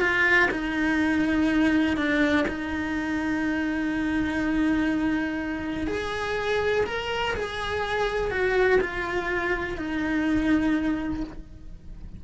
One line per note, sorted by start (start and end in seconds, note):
0.00 0.49 F4
0.50 1.97 D#4
1.97 2.45 D4
2.47 5.87 D#4
5.87 6.84 G#4
6.86 7.34 A#4
7.35 8.30 G#4
8.30 8.79 F#4
8.80 9.77 F4
9.77 11.23 D#4